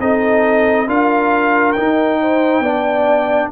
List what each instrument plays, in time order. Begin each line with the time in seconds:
0.00 tuba C4, trombone D#4, horn A4, trumpet D#5
0.88 tuba D4, trombone F4, horn A#4, trumpet F5
1.73 trombone D#4, tuba D#4, trumpet G5
2.21 horn C5
2.61 tuba B3, trombone D4, horn D5